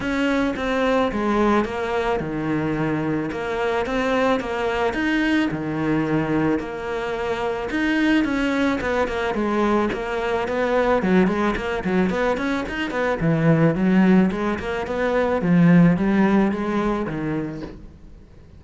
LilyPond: \new Staff \with { instrumentName = "cello" } { \time 4/4 \tempo 4 = 109 cis'4 c'4 gis4 ais4 | dis2 ais4 c'4 | ais4 dis'4 dis2 | ais2 dis'4 cis'4 |
b8 ais8 gis4 ais4 b4 | fis8 gis8 ais8 fis8 b8 cis'8 dis'8 b8 | e4 fis4 gis8 ais8 b4 | f4 g4 gis4 dis4 | }